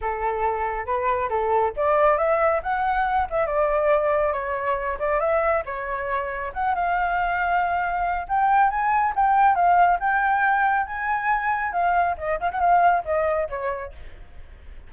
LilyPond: \new Staff \with { instrumentName = "flute" } { \time 4/4 \tempo 4 = 138 a'2 b'4 a'4 | d''4 e''4 fis''4. e''8 | d''2 cis''4. d''8 | e''4 cis''2 fis''8 f''8~ |
f''2. g''4 | gis''4 g''4 f''4 g''4~ | g''4 gis''2 f''4 | dis''8 f''16 fis''16 f''4 dis''4 cis''4 | }